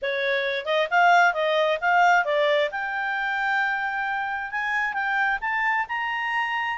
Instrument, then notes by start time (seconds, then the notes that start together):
clarinet
0.02 C#5
0.65 D#5
0.90 F5
1.33 D#5
1.80 F5
2.24 D5
2.71 G5
4.51 G#5
4.93 G5
5.40 A5
5.88 A#5